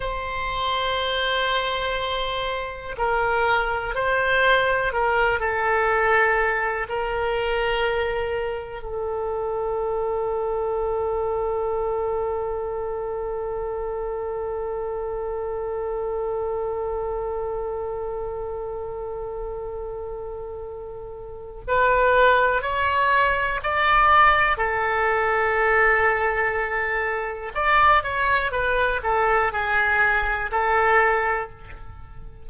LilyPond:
\new Staff \with { instrumentName = "oboe" } { \time 4/4 \tempo 4 = 61 c''2. ais'4 | c''4 ais'8 a'4. ais'4~ | ais'4 a'2.~ | a'1~ |
a'1~ | a'2 b'4 cis''4 | d''4 a'2. | d''8 cis''8 b'8 a'8 gis'4 a'4 | }